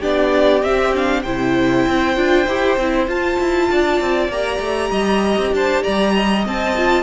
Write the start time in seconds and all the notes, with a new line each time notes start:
0.00 B3 D4 G4 D5
0.62 C4 E5
0.95 D4 F5
1.23 C3 E4 C5 G5
1.86 C4
2.16 D4 F4
2.47 E4 G4
2.77 C4 E4
3.08 F4 A5
3.40 E4
3.71 D4 D5
4.01 C4
4.29 A#3 G4 A#5
4.60 A3
4.91 G3 D#5
5.38 C4
5.52 D4 C5 A5
5.83 G3 D5 A#5
6.15 D#5
6.46 C4 A5
6.77 F4